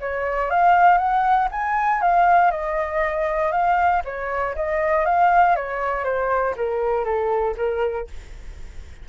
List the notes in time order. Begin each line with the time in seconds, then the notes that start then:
0.00 C#5
0.50 F5
0.98 F#5
1.51 G#5
2.01 F5
2.51 D#5
3.52 F5
4.05 C#5
4.55 D#5
5.05 F5
5.56 C#5
6.04 C5
6.56 A#4
7.05 A4
7.57 A#4